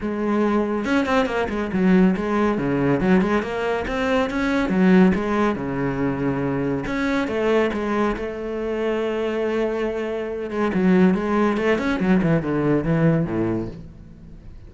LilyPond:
\new Staff \with { instrumentName = "cello" } { \time 4/4 \tempo 4 = 140 gis2 cis'8 c'8 ais8 gis8 | fis4 gis4 cis4 fis8 gis8 | ais4 c'4 cis'4 fis4 | gis4 cis2. |
cis'4 a4 gis4 a4~ | a1~ | a8 gis8 fis4 gis4 a8 cis'8 | fis8 e8 d4 e4 a,4 | }